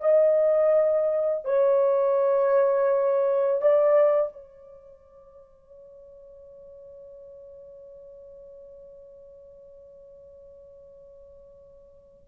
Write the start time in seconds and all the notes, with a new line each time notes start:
0.00 D#5
1.45 C#5
3.61 D5
4.32 C#5